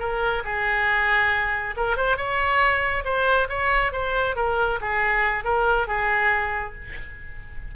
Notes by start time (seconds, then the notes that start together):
0.00 A#4
0.45 G#4
1.77 A#4
1.97 C5
2.17 C#5
3.05 C5
3.49 C#5
3.93 C5
4.36 A#4
4.81 G#4
5.45 A#4
5.88 G#4